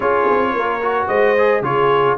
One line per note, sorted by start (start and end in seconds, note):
0.00 0.27 C#4
0.00 0.81 F4
0.00 0.52 G#4
0.00 1.07 C#5
0.30 0.53 C4
0.53 1.07 A#3
0.53 1.07 A#4
0.82 1.36 F#4
1.07 1.61 G#3
1.07 1.62 C5
1.07 1.62 D#5
1.37 1.63 G#4
1.61 2.16 C#3
1.61 2.17 F4
1.61 2.17 G#4
1.61 2.17 C#5